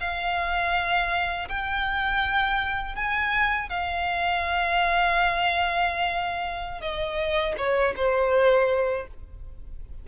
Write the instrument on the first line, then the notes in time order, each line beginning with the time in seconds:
violin
0.00 F5
1.48 G5
2.95 G#5
3.69 F5
6.81 D#5
7.57 C#5
7.96 C5